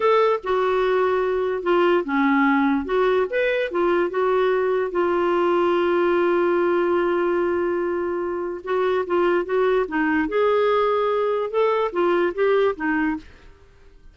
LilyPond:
\new Staff \with { instrumentName = "clarinet" } { \time 4/4 \tempo 4 = 146 a'4 fis'2. | f'4 cis'2 fis'4 | b'4 f'4 fis'2 | f'1~ |
f'1~ | f'4 fis'4 f'4 fis'4 | dis'4 gis'2. | a'4 f'4 g'4 dis'4 | }